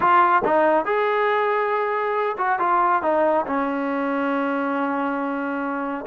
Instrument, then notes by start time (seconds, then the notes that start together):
trombone
0.00 F4
0.45 D#4
0.85 G#4
2.37 F#4
2.59 F4
3.02 D#4
3.46 C#4